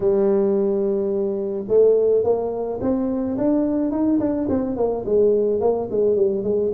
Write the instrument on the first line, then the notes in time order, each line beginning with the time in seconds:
tuba
0.00 G3
1.68 A3
2.23 A#3
2.81 C4
3.37 D4
3.91 D#4
4.19 D4
4.49 C4
4.76 A#3
5.05 G#3
5.60 A#3
5.90 G#3
6.16 G3
6.43 G#3